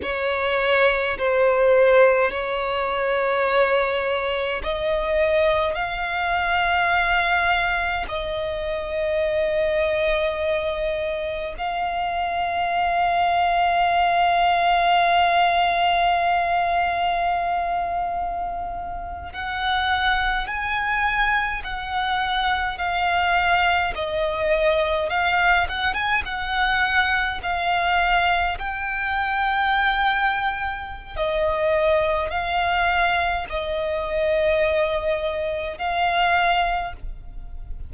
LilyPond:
\new Staff \with { instrumentName = "violin" } { \time 4/4 \tempo 4 = 52 cis''4 c''4 cis''2 | dis''4 f''2 dis''4~ | dis''2 f''2~ | f''1~ |
f''8. fis''4 gis''4 fis''4 f''16~ | f''8. dis''4 f''8 fis''16 gis''16 fis''4 f''16~ | f''8. g''2~ g''16 dis''4 | f''4 dis''2 f''4 | }